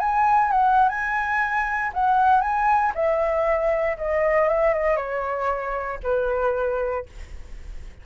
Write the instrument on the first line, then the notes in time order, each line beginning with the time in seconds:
flute
0.00 G#5
0.51 F#5
0.89 G#5
1.94 F#5
2.41 G#5
2.95 E5
3.98 D#5
4.48 E5
4.74 D#5
4.97 C#5
6.03 B4